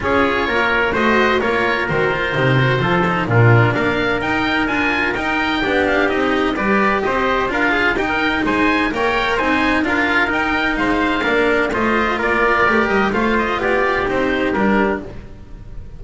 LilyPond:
<<
  \new Staff \with { instrumentName = "oboe" } { \time 4/4 \tempo 4 = 128 cis''2 dis''4 cis''4 | c''2. ais'4 | f''4 g''4 gis''4 g''4~ | g''8 f''8 dis''4 d''4 dis''4 |
f''4 g''4 gis''4 g''4 | gis''4 f''4 g''4 f''4~ | f''4 dis''4 d''4. dis''8 | f''8 dis''8 d''4 c''4 ais'4 | }
  \new Staff \with { instrumentName = "trumpet" } { \time 4/4 gis'4 ais'4 c''4 ais'4~ | ais'2 a'4 f'4 | ais'1 | g'2 b'4 c''4 |
ais'8 gis'8 g'16 ais'8. c''4 cis''4 | c''4 ais'2 c''4 | ais'4 c''4 ais'2 | c''4 g'2. | }
  \new Staff \with { instrumentName = "cello" } { \time 4/4 f'2 fis'4 f'4 | fis'8 f'8 dis'8 fis'8 f'8 dis'8 d'4~ | d'4 dis'4 f'4 dis'4 | d'4 dis'4 g'2 |
f'4 dis'2 ais'4 | dis'4 f'4 dis'2 | d'4 f'2 g'4 | f'2 dis'4 d'4 | }
  \new Staff \with { instrumentName = "double bass" } { \time 4/4 cis'4 ais4 a4 ais4 | dis4 c4 f4 ais,4 | ais4 dis'4 d'4 dis'4 | b4 c'4 g4 c'4 |
d'4 dis'4 gis4 ais4 | c'4 d'4 dis'4 gis4 | ais4 a4 ais4 a8 g8 | a4 b4 c'4 g4 | }
>>